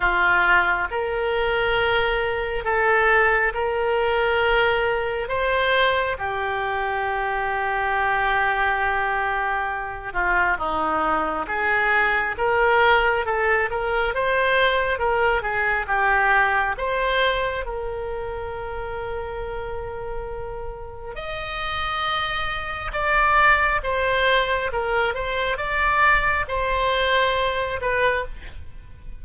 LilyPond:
\new Staff \with { instrumentName = "oboe" } { \time 4/4 \tempo 4 = 68 f'4 ais'2 a'4 | ais'2 c''4 g'4~ | g'2.~ g'8 f'8 | dis'4 gis'4 ais'4 a'8 ais'8 |
c''4 ais'8 gis'8 g'4 c''4 | ais'1 | dis''2 d''4 c''4 | ais'8 c''8 d''4 c''4. b'8 | }